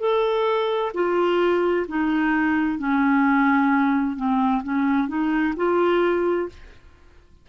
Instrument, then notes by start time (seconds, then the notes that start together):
clarinet
0.00 A4
0.94 F4
1.88 D#4
2.79 C#4
4.17 C4
4.64 C#4
5.08 D#4
5.57 F4